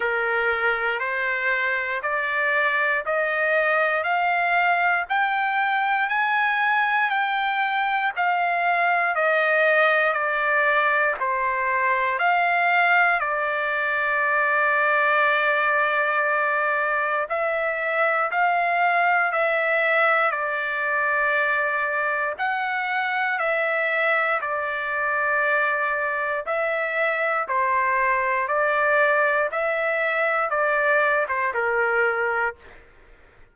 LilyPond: \new Staff \with { instrumentName = "trumpet" } { \time 4/4 \tempo 4 = 59 ais'4 c''4 d''4 dis''4 | f''4 g''4 gis''4 g''4 | f''4 dis''4 d''4 c''4 | f''4 d''2.~ |
d''4 e''4 f''4 e''4 | d''2 fis''4 e''4 | d''2 e''4 c''4 | d''4 e''4 d''8. c''16 ais'4 | }